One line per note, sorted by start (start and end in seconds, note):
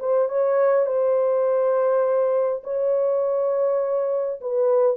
0.00 0.29 C5
0.29 0.86 C#5
0.86 2.63 C5
2.64 4.41 C#5
4.41 4.97 B4